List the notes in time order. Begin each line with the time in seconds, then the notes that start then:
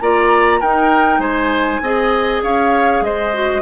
0.00 A#3 F4 D5 A#5
0.59 D#4 A#4 G5
1.18 G#3 C5 G#5
1.81 C4 G#4 D#5
2.43 C#4 C#5 F5
3.01 G#3 C5 D#5
3.33 F#4